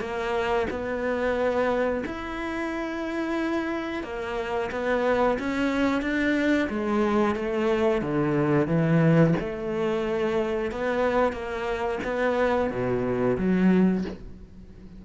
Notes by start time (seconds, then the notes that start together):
0.00 A#3
0.70 B3
2.05 E4
4.03 A#3
4.71 B3
5.39 C#4
6.02 D4
6.69 G#3
7.35 A3
8.02 D3
8.67 E3
9.39 A3
10.71 B3
11.32 A#3
12.04 B3
12.70 B2
13.38 F#3